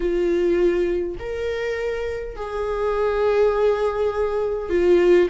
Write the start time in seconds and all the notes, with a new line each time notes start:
0.00 F4
1.19 A#4
2.36 G#4
4.69 F4